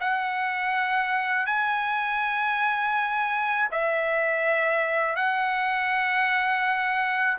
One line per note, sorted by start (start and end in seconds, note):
0.00 1.46 F#5
1.46 3.68 G#5
3.71 5.15 E5
5.15 7.38 F#5